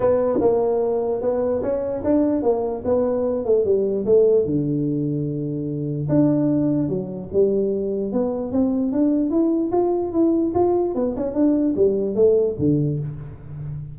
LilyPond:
\new Staff \with { instrumentName = "tuba" } { \time 4/4 \tempo 4 = 148 b4 ais2 b4 | cis'4 d'4 ais4 b4~ | b8 a8 g4 a4 d4~ | d2. d'4~ |
d'4 fis4 g2 | b4 c'4 d'4 e'4 | f'4 e'4 f'4 b8 cis'8 | d'4 g4 a4 d4 | }